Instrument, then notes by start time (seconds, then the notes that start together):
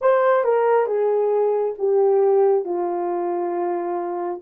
horn
0.01 C5
0.44 A#4
0.86 G#4
1.78 G4
2.64 F4